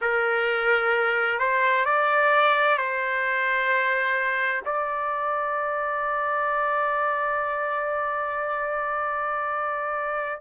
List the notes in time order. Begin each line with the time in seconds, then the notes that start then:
0.01 A#4
1.38 C5
1.85 D5
2.77 C5
4.65 D5